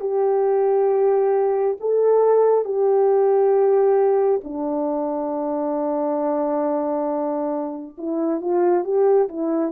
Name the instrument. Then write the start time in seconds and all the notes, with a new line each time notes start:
horn
0.00 G4
1.80 A4
2.65 G4
4.44 D4
7.98 E4
8.41 F4
8.84 G4
9.28 E4